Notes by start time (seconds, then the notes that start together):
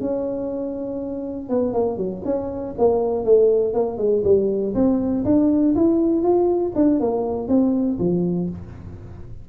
0.00 C#4
1.49 B3
1.73 A#3
1.97 F#3
2.24 C#4
2.77 A#3
3.24 A3
3.73 A#3
3.97 G#3
4.23 G3
4.74 C4
5.24 D4
5.75 E4
6.22 F4
6.75 D4
6.99 A#3
7.47 C4
7.99 F3